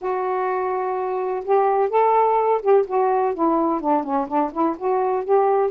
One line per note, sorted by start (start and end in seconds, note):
0.01 1.44 F#4
1.44 1.89 G4
1.89 2.61 A4
2.61 2.85 G4
2.86 3.34 F#4
3.34 3.80 E4
3.80 4.03 D4
4.03 4.27 C#4
4.27 4.51 D4
4.52 4.76 E4
4.77 5.24 F#4
5.24 5.70 G4